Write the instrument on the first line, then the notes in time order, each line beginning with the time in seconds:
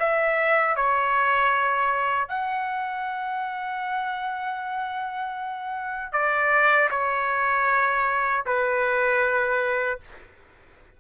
trumpet
0.00 E5
0.76 C#5
2.29 F#5
6.13 D5
6.91 C#5
8.46 B4